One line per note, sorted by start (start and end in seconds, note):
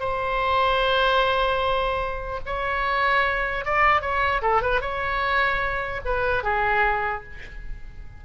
0.00 2.40 C5
2.46 3.65 C#5
3.65 4.02 D5
4.02 4.42 C#5
4.42 4.62 A4
4.62 4.81 B4
4.81 6.01 C#5
6.05 6.43 B4
6.43 7.23 G#4